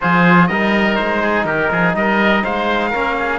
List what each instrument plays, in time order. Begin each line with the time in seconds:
0.00 cello F3, trombone F4, oboe G#4, trumpet C5
0.47 cello G3, trombone D#4, oboe A#4, trumpet D#5
0.95 cello G#3, trumpet C5
1.22 oboe G#4
1.45 cello D#3, oboe G4, trumpet A#4
1.71 cello F3, oboe G#4
1.94 cello G3, oboe A#4, trumpet D#5
2.43 cello G#3, oboe C5, trumpet F5
2.89 cello A#3, trombone C#4, oboe A#4
3.18 oboe G#4